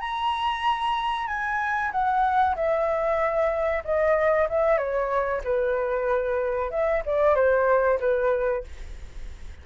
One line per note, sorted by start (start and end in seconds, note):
0.00 1.27 A#5
1.27 1.91 G#5
1.91 2.55 F#5
2.56 3.83 E5
3.84 4.48 D#5
4.49 4.77 E5
4.77 5.41 C#5
5.44 6.71 B4
6.71 7.03 E5
7.06 7.35 D5
7.35 7.99 C5
8.00 8.64 B4